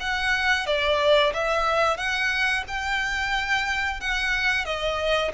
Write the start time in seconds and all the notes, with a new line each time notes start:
0.00 F#5
0.66 D5
1.34 E5
1.97 F#5
2.68 G5
4.00 F#5
4.65 D#5